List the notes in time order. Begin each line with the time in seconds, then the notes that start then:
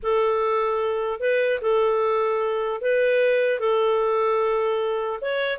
0.02 A4
1.20 B4
1.61 A4
2.81 B4
3.59 A4
5.21 C#5